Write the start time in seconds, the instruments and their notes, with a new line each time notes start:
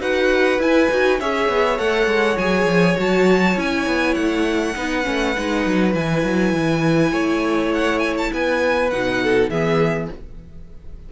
0.00 cello D#4, viola F#4, violin B4 F#5
0.59 cello E4, viola E4, violin G#5
0.90 cello D#4, viola F#4
1.20 cello C#4, viola G#4, violin C#5 E5
1.49 cello B3
1.78 cello A3, viola A4, violin F#5
2.07 cello G#3
2.38 cello F#3, viola G#4, violin G#5
2.66 cello F3
2.96 cello F#3, viola F#4, violin A5
3.55 cello C#4, viola E4, violin G#5
3.87 cello B3
4.14 cello A3, violin F#5
4.75 cello B3, viola D#4, violin B4
5.04 cello A3, viola C#4
5.37 cello G#3, viola D#4
5.66 cello F#3
5.93 cello E3, viola E4, violin G#5
6.24 cello F#3
6.53 cello E3
7.12 cello A3, violin C#5
7.74 violin F#5
7.99 violin G#5
8.18 violin A5
8.33 cello B3, violin B4 G#5
8.90 cello B2, viola D#4, violin F#5
9.23 violin A4
9.49 cello E3, viola B3, violin G#4 E5